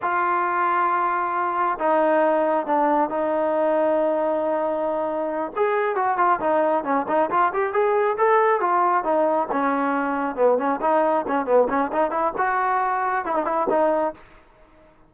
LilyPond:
\new Staff \with { instrumentName = "trombone" } { \time 4/4 \tempo 4 = 136 f'1 | dis'2 d'4 dis'4~ | dis'1~ | dis'8 gis'4 fis'8 f'8 dis'4 cis'8 |
dis'8 f'8 g'8 gis'4 a'4 f'8~ | f'8 dis'4 cis'2 b8 | cis'8 dis'4 cis'8 b8 cis'8 dis'8 e'8 | fis'2 e'16 dis'16 e'8 dis'4 | }